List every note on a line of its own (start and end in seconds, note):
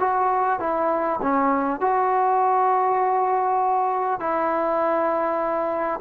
0.00 0.60 F#4
0.60 1.20 E4
1.22 1.81 C#4
1.81 4.20 F#4
4.20 6.00 E4